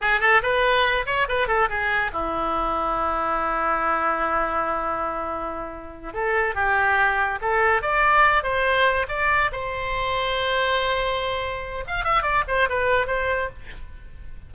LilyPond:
\new Staff \with { instrumentName = "oboe" } { \time 4/4 \tempo 4 = 142 gis'8 a'8 b'4. cis''8 b'8 a'8 | gis'4 e'2.~ | e'1~ | e'2~ e'8 a'4 g'8~ |
g'4. a'4 d''4. | c''4. d''4 c''4.~ | c''1 | f''8 e''8 d''8 c''8 b'4 c''4 | }